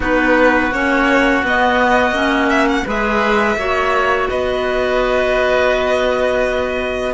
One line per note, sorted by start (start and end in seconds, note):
0.00 0.72 B3
0.00 0.71 D#4
0.00 2.85 F#4
0.00 0.73 B4
0.72 1.43 A#3
0.72 1.44 C#4
0.72 1.44 C#5
1.43 2.11 B3
1.43 2.12 B3
1.43 2.49 D#5
2.11 2.82 A#3
2.11 2.84 C#4
2.49 2.67 E5
2.68 2.86 F#5
2.86 3.56 G#3
2.86 3.57 G#4
2.86 3.57 B4
2.86 4.29 E5
3.56 4.27 A#3
3.56 7.13 F#4
3.56 4.29 C#5
4.29 7.13 B3
4.29 7.13 B4
4.29 7.13 D#5